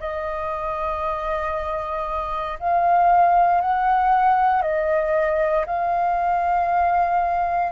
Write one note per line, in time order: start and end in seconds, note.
0.00 2.59 D#5
2.59 3.61 F5
3.61 4.62 F#5
4.62 5.65 D#5
5.66 7.72 F5